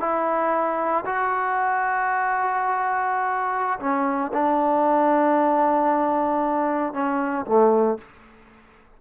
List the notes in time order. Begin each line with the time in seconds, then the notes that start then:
0.00 E4
1.06 F#4
3.80 C#4
4.34 D4
6.93 C#4
7.46 A3